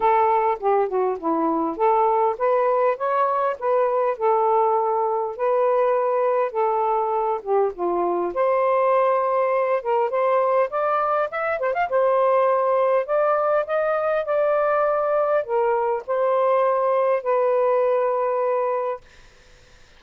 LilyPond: \new Staff \with { instrumentName = "saxophone" } { \time 4/4 \tempo 4 = 101 a'4 g'8 fis'8 e'4 a'4 | b'4 cis''4 b'4 a'4~ | a'4 b'2 a'4~ | a'8 g'8 f'4 c''2~ |
c''8 ais'8 c''4 d''4 e''8 c''16 f''16 | c''2 d''4 dis''4 | d''2 ais'4 c''4~ | c''4 b'2. | }